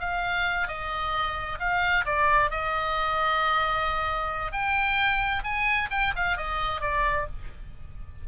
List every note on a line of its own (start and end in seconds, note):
0.00 0.68 F5
0.68 1.59 D#5
1.60 2.05 F5
2.06 2.51 D5
2.51 4.52 D#5
4.52 5.43 G5
5.44 5.89 G#5
5.91 6.14 G5
6.16 6.37 F5
6.37 6.82 D#5
6.82 7.27 D5